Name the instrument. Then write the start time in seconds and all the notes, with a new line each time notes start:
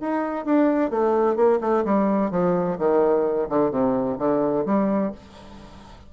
bassoon
0.00 D#4
0.45 D4
0.90 A3
1.36 A#3
1.61 A3
1.85 G3
2.31 F3
2.78 D#3
3.49 D3
3.70 C3
4.18 D3
4.65 G3